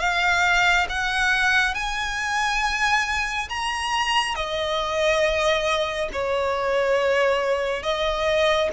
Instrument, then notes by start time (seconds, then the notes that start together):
violin
0.00 F5
0.89 F#5
1.75 G#5
3.50 A#5
4.36 D#5
6.13 C#5
7.83 D#5